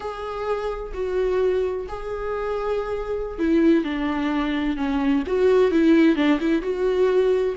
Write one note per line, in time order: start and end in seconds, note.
0.00 0.92 G#4
0.93 1.86 F#4
1.88 3.38 G#4
3.38 3.84 E4
3.84 4.76 D4
4.76 5.23 C#4
5.26 5.71 F#4
5.71 6.15 E4
6.15 6.39 D4
6.40 6.62 E4
6.62 7.55 F#4